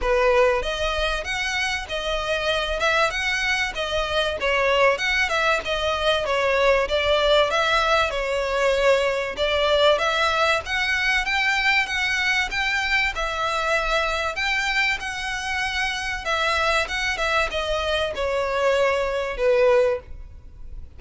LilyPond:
\new Staff \with { instrumentName = "violin" } { \time 4/4 \tempo 4 = 96 b'4 dis''4 fis''4 dis''4~ | dis''8 e''8 fis''4 dis''4 cis''4 | fis''8 e''8 dis''4 cis''4 d''4 | e''4 cis''2 d''4 |
e''4 fis''4 g''4 fis''4 | g''4 e''2 g''4 | fis''2 e''4 fis''8 e''8 | dis''4 cis''2 b'4 | }